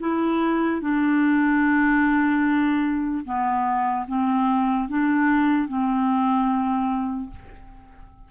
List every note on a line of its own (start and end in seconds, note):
0.00 0.81 E4
0.81 3.24 D4
3.25 4.06 B3
4.08 4.89 C4
4.89 5.68 D4
5.68 7.30 C4